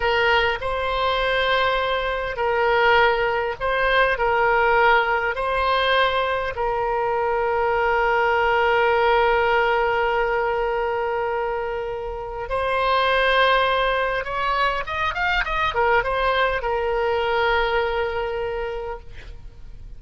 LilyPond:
\new Staff \with { instrumentName = "oboe" } { \time 4/4 \tempo 4 = 101 ais'4 c''2. | ais'2 c''4 ais'4~ | ais'4 c''2 ais'4~ | ais'1~ |
ais'1~ | ais'4 c''2. | cis''4 dis''8 f''8 dis''8 ais'8 c''4 | ais'1 | }